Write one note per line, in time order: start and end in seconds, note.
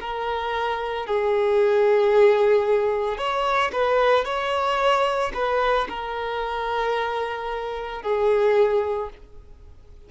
0.00 1.06 A#4
1.06 3.18 G#4
3.18 3.71 C#5
3.72 4.25 B4
4.25 5.32 C#5
5.34 5.87 B4
5.88 8.02 A#4
8.02 9.09 G#4